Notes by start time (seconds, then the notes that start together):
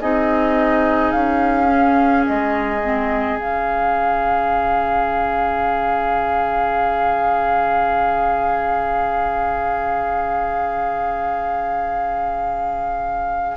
0.00 C4 D#4 G#4 D#5
1.11 C#4 F5
1.66 C#4
2.25 G#3 D#5
2.83 C4
3.37 C#3 C#4 F5